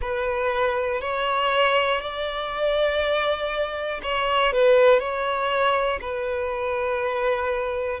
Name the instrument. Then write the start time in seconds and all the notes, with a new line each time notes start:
violin
0.01 B4
1.00 C#5
2.00 D5
4.03 C#5
4.52 B4
4.99 C#5
6.01 B4